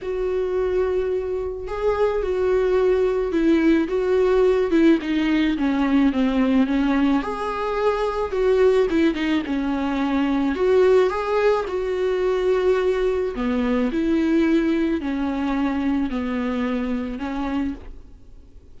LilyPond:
\new Staff \with { instrumentName = "viola" } { \time 4/4 \tempo 4 = 108 fis'2. gis'4 | fis'2 e'4 fis'4~ | fis'8 e'8 dis'4 cis'4 c'4 | cis'4 gis'2 fis'4 |
e'8 dis'8 cis'2 fis'4 | gis'4 fis'2. | b4 e'2 cis'4~ | cis'4 b2 cis'4 | }